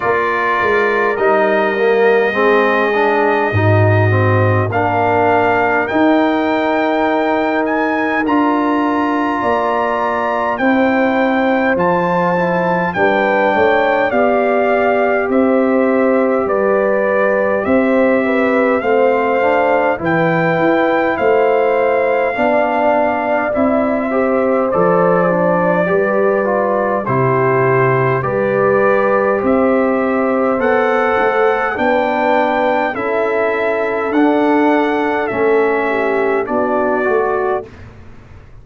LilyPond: <<
  \new Staff \with { instrumentName = "trumpet" } { \time 4/4 \tempo 4 = 51 d''4 dis''2. | f''4 g''4. gis''8 ais''4~ | ais''4 g''4 a''4 g''4 | f''4 e''4 d''4 e''4 |
f''4 g''4 f''2 | e''4 d''2 c''4 | d''4 e''4 fis''4 g''4 | e''4 fis''4 e''4 d''4 | }
  \new Staff \with { instrumentName = "horn" } { \time 4/4 ais'2 gis'4 fis'4 | ais'1 | d''4 c''2 b'8 cis''8 | d''4 c''4 b'4 c''8 b'8 |
c''4 b'4 c''4 d''4~ | d''8 c''4. b'4 g'4 | b'4 c''2 b'4 | a'2~ a'8 g'8 fis'4 | }
  \new Staff \with { instrumentName = "trombone" } { \time 4/4 f'4 dis'8 ais8 c'8 d'8 dis'8 c'8 | d'4 dis'2 f'4~ | f'4 e'4 f'8 e'8 d'4 | g'1 |
c'8 d'8 e'2 d'4 | e'8 g'8 a'8 d'8 g'8 f'8 e'4 | g'2 a'4 d'4 | e'4 d'4 cis'4 d'8 fis'8 | }
  \new Staff \with { instrumentName = "tuba" } { \time 4/4 ais8 gis8 g4 gis4 gis,4 | ais4 dis'2 d'4 | ais4 c'4 f4 g8 a8 | b4 c'4 g4 c'4 |
a4 e8 e'8 a4 b4 | c'4 f4 g4 c4 | g4 c'4 b8 a8 b4 | cis'4 d'4 a4 b8 a8 | }
>>